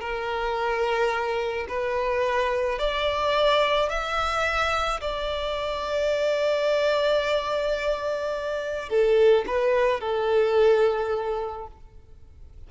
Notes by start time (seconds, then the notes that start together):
0.00 A#4
1.68 B4
2.79 D5
3.89 E5
5.01 D5
8.89 A4
9.46 B4
10.00 A4